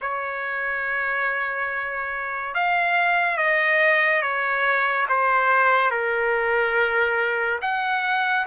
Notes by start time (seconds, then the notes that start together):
0.01 C#5
2.54 F5
3.37 D#5
4.21 C#5
5.09 C5
5.90 A#4
7.61 F#5